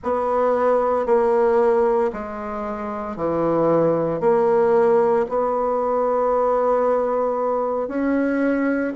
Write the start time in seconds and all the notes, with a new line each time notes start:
0.03 B3
1.05 A#3
2.12 G#3
3.16 E3
4.20 A#3
5.29 B3
7.88 C#4